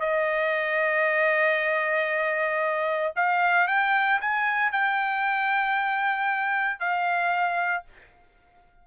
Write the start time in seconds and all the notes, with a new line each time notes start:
0.00 D#5
3.16 F5
3.68 G5
4.21 G#5
4.72 G5
6.79 F5